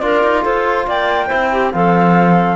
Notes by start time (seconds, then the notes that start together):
0.00 D4 F4 A#4 D5
0.23 D#4
0.43 F4 A4 C5
0.87 A#3 D5 G5
1.28 C4 E4 C5
1.52 G4
1.72 F3 C4 A4 F5